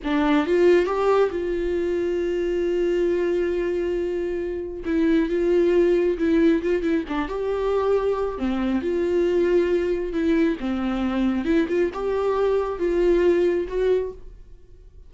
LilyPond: \new Staff \with { instrumentName = "viola" } { \time 4/4 \tempo 4 = 136 d'4 f'4 g'4 f'4~ | f'1~ | f'2. e'4 | f'2 e'4 f'8 e'8 |
d'8 g'2~ g'8 c'4 | f'2. e'4 | c'2 e'8 f'8 g'4~ | g'4 f'2 fis'4 | }